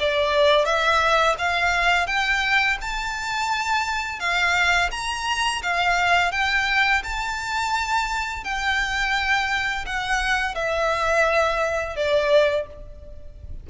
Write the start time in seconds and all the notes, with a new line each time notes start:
0.00 D5
0.66 E5
1.39 F5
2.07 G5
2.81 A5
4.20 F5
4.92 A#5
5.63 F5
6.32 G5
7.04 A5
8.44 G5
9.87 F#5
10.55 E5
11.96 D5